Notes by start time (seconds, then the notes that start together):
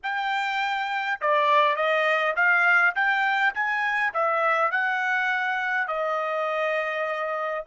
0.02 G5
1.20 D5
1.75 D#5
2.36 F5
2.95 G5
3.54 G#5
4.13 E5
4.71 F#5
5.87 D#5